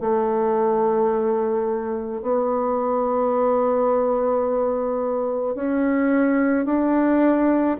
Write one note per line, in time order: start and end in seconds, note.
0.00 2.21 A3
2.21 5.55 B3
5.55 6.65 C#4
6.65 7.76 D4